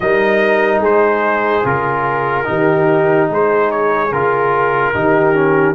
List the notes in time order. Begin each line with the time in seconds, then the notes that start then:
0.00 G3 D#4 A#4 D#5
0.80 G#3 G#4 C5
1.64 C#3 F4 A#4
2.44 D#3 D#4 G4
3.29 G#3 G#4 C5
3.71 C#5
4.11 C#3 F4 A#4
4.94 D#3 D#4 G4
5.34 C#4